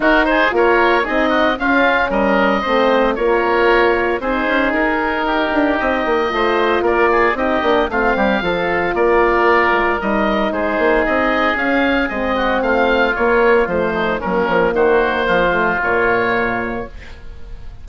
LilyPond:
<<
  \new Staff \with { instrumentName = "oboe" } { \time 4/4 \tempo 4 = 114 ais'8 c''8 cis''4 dis''4 f''4 | dis''2 cis''2 | c''4 ais'2 dis''4~ | dis''4 d''4 dis''4 f''4~ |
f''4 d''2 dis''4 | c''4 dis''4 f''4 dis''4 | f''4 cis''4 c''4 ais'4 | c''2 cis''2 | }
  \new Staff \with { instrumentName = "oboe" } { \time 4/4 fis'8 gis'8 ais'4 gis'8 fis'8 f'4 | ais'4 c''4 ais'2 | gis'2 g'2 | c''4 ais'8 gis'8 g'4 f'8 g'8 |
a'4 ais'2. | gis'2.~ gis'8 fis'8 | f'2~ f'8 dis'8 cis'4 | fis'4 f'2. | }
  \new Staff \with { instrumentName = "horn" } { \time 4/4 dis'4 f'4 dis'4 cis'4~ | cis'4 c'4 f'2 | dis'1 | f'2 dis'8 d'8 c'4 |
f'2. dis'4~ | dis'2 cis'4 c'4~ | c'4 ais4 a4 ais4~ | ais4. a8 ais2 | }
  \new Staff \with { instrumentName = "bassoon" } { \time 4/4 dis'4 ais4 c'4 cis'4 | g4 a4 ais2 | c'8 cis'8 dis'4. d'8 c'8 ais8 | a4 ais4 c'8 ais8 a8 g8 |
f4 ais4. gis8 g4 | gis8 ais8 c'4 cis'4 gis4 | a4 ais4 f4 fis8 f8 | dis4 f4 ais,2 | }
>>